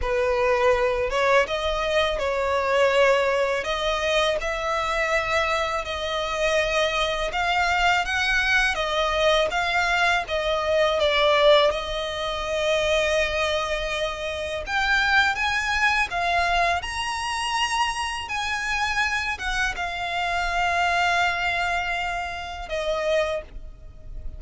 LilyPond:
\new Staff \with { instrumentName = "violin" } { \time 4/4 \tempo 4 = 82 b'4. cis''8 dis''4 cis''4~ | cis''4 dis''4 e''2 | dis''2 f''4 fis''4 | dis''4 f''4 dis''4 d''4 |
dis''1 | g''4 gis''4 f''4 ais''4~ | ais''4 gis''4. fis''8 f''4~ | f''2. dis''4 | }